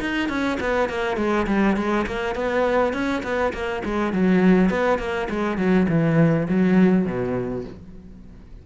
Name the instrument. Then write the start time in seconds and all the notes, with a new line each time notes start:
cello
0.00 D#4
0.28 C#4
0.60 B3
0.89 A#3
1.17 G#3
1.47 G3
1.76 G#3
2.06 A#3
2.35 B3
2.93 C#4
3.23 B3
3.53 A#3
3.84 G#3
4.13 F#3
4.70 B3
4.98 A#3
5.29 G#3
5.57 F#3
5.89 E3
6.48 F#3
7.05 B2